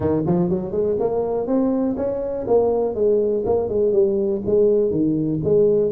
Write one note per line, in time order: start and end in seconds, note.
0.00 0.23 D#3
0.26 0.49 F3
0.49 0.71 F#3
0.71 0.96 G#3
0.99 1.46 A#3
1.46 1.95 C4
1.96 2.46 C#4
2.47 2.95 A#3
2.95 3.44 G#3
3.45 3.68 A#3
3.68 3.92 G#3
3.92 4.41 G3
4.46 4.90 G#3
4.90 5.40 D#3
5.44 5.91 G#3